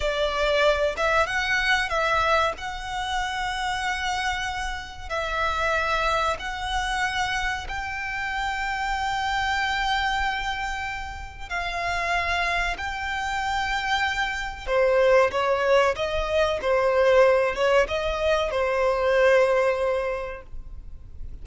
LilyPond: \new Staff \with { instrumentName = "violin" } { \time 4/4 \tempo 4 = 94 d''4. e''8 fis''4 e''4 | fis''1 | e''2 fis''2 | g''1~ |
g''2 f''2 | g''2. c''4 | cis''4 dis''4 c''4. cis''8 | dis''4 c''2. | }